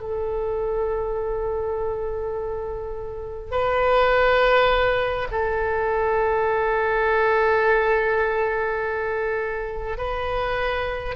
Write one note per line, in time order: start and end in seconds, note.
0.00 3.51 A4
3.51 5.28 B4
5.32 9.97 A4
9.97 11.15 B4